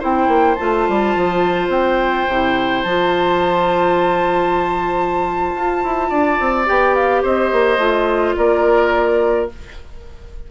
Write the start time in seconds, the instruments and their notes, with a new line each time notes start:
0.00 bassoon C4, clarinet E4, oboe C5, flute G5
0.28 bassoon A#3
0.56 bassoon A3, clarinet F4, flute A5
0.89 bassoon G3
1.16 bassoon F3
1.69 bassoon C4, flute G5
2.28 bassoon C3, clarinet E4
2.83 bassoon F3, clarinet F4, flute A5
5.56 bassoon F4
5.84 bassoon E4
6.10 bassoon D4, oboe D5
6.40 bassoon C4
6.67 bassoon B3, clarinet G4, flute G5
6.95 flute F5
7.23 bassoon C4, oboe C5, flute D#5
7.52 bassoon A#3
7.78 bassoon A3, clarinet F4
8.37 bassoon A#3, oboe A#4, flute D5